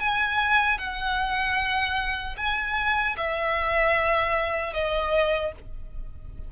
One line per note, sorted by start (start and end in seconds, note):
0.00 0.78 G#5
0.78 2.36 F#5
2.37 3.16 G#5
3.17 4.74 E5
4.74 5.53 D#5